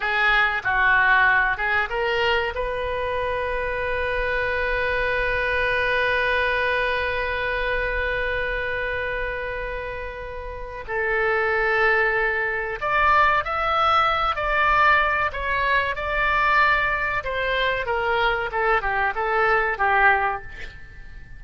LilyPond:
\new Staff \with { instrumentName = "oboe" } { \time 4/4 \tempo 4 = 94 gis'4 fis'4. gis'8 ais'4 | b'1~ | b'1~ | b'1~ |
b'4 a'2. | d''4 e''4. d''4. | cis''4 d''2 c''4 | ais'4 a'8 g'8 a'4 g'4 | }